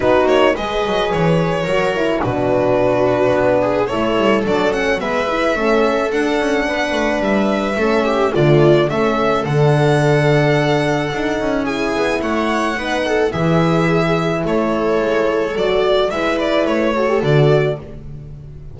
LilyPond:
<<
  \new Staff \with { instrumentName = "violin" } { \time 4/4 \tempo 4 = 108 b'8 cis''8 dis''4 cis''2 | b'2. cis''4 | d''8 fis''8 e''2 fis''4~ | fis''4 e''2 d''4 |
e''4 fis''2.~ | fis''4 gis''4 fis''2 | e''2 cis''2 | d''4 e''8 d''8 cis''4 d''4 | }
  \new Staff \with { instrumentName = "viola" } { \time 4/4 fis'4 b'2 ais'4 | fis'2~ fis'8 gis'8 a'4~ | a'4 b'4 a'2 | b'2 a'8 g'8 f'4 |
a'1~ | a'4 gis'4 cis''4 b'8 a'8 | gis'2 a'2~ | a'4 b'4. a'4. | }
  \new Staff \with { instrumentName = "horn" } { \time 4/4 dis'4 gis'2 fis'8 e'8 | d'2. e'4 | d'8 cis'8 b8 e'8 cis'4 d'4~ | d'2 cis'4 a4 |
cis'4 d'2. | dis'4 e'2 dis'4 | e'1 | fis'4 e'4. fis'16 g'16 fis'4 | }
  \new Staff \with { instrumentName = "double bass" } { \time 4/4 b8 ais8 gis8 fis8 e4 fis4 | b,2 b4 a8 g8 | fis4 gis4 a4 d'8 cis'8 | b8 a8 g4 a4 d4 |
a4 d2. | d'8 cis'4 b8 a4 b4 | e2 a4 gis4 | fis4 gis4 a4 d4 | }
>>